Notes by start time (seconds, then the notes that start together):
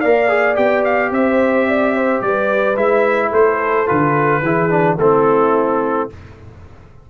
0.00 A#3 A#4 D5 F5
0.28 G#4
0.55 B3 G4 G5
0.84 F5
1.10 C4 C5 E5
1.68 D5
1.95 C5
2.21 G3 B4 D5
2.76 G#3 E4 E5
3.30 A3 A4 C5
3.86 D3 F4 B4
4.41 E3 E4 G#4
4.69 D4
4.97 A3 C4 E4 A4